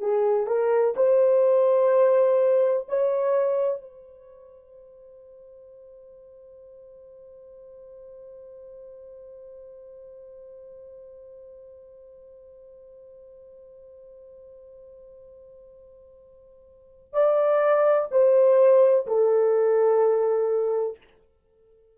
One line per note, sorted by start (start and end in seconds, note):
0.00 0.47 G#4
0.47 0.94 A#4
0.97 2.87 C5
2.88 3.81 C#5
3.81 17.13 C5
17.13 18.08 D5
18.11 19.06 C5
19.07 20.97 A4